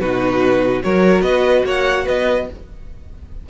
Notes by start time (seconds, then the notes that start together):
0.00 B2 D#4 F#4 B4
0.82 F#3 F#4 A#4 C#5
1.22 B3 B4 D#5
1.65 A#3 C#5 F#5
2.05 B3 B4 D#5